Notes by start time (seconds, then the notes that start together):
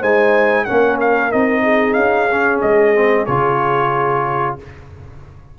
0.00 G#3 D#4 C5 G#5
0.65 A#3 C#4 A#4 F#5
1.01 F5
1.32 C4 D#4 D#5
1.63 G#4
1.94 C#4 F5
2.32 C#4
2.62 G#3 D#5
2.95 C4
3.26 C#3 F4 C#5